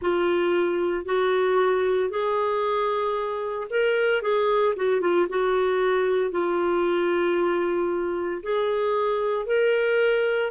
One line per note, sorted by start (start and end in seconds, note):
0.01 1.05 F4
1.05 2.10 F#4
2.10 3.67 G#4
3.69 4.22 A#4
4.22 4.74 G#4
4.76 5.00 F#4
5.00 5.26 F4
5.29 6.31 F#4
6.31 8.42 F4
8.42 9.45 G#4
9.45 10.51 A#4